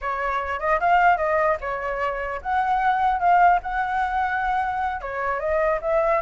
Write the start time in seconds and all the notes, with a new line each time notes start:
0.01 C#5
0.59 D#5
0.79 F5
1.17 D#5
1.61 C#5
2.42 F#5
3.19 F5
3.62 F#5
5.01 C#5
5.39 D#5
5.81 E5